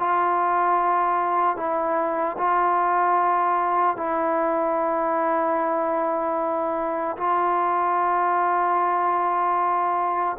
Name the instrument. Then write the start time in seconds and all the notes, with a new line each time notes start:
trombone
0.00 F4
1.57 E4
2.38 F4
3.97 E4
7.17 F4